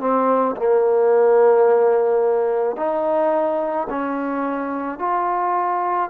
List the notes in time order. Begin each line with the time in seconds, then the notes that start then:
0.00 C4
0.57 A#3
2.77 D#4
3.90 C#4
4.99 F4